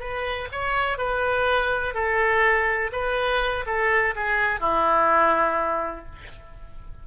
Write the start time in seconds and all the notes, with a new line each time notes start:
0.00 B4
0.52 C#5
0.98 B4
1.94 A4
2.93 B4
3.66 A4
4.16 G#4
4.61 E4